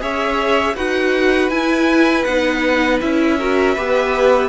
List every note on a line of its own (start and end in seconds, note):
0.00 0.76 C#4
0.00 0.75 G#4
0.00 0.75 C#5
0.00 0.76 E5
0.75 1.49 D#4
0.75 1.50 F#4
0.75 3.37 B4
0.75 1.50 F#5
1.49 2.24 E4
1.49 2.26 E4
1.49 2.24 G#5
2.24 3.01 B3
2.24 3.01 D#4
2.24 2.99 F#5
3.00 3.77 C#4
3.00 3.38 E4
3.00 4.49 E5
3.38 3.76 F#4
3.38 3.75 A#4
3.75 4.49 B3
3.75 4.49 G4
3.75 4.49 B4